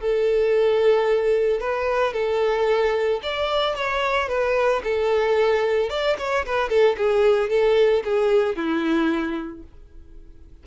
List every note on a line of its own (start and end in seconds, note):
0.00 1.60 A4
1.60 2.13 B4
2.13 3.20 A4
3.23 3.75 D5
3.75 4.28 C#5
4.28 4.82 B4
4.83 5.89 A4
5.89 6.16 D5
6.18 6.45 C#5
6.45 6.69 B4
6.69 6.95 A4
6.97 7.49 G#4
7.49 8.03 A4
8.04 8.55 G#4
8.55 9.63 E4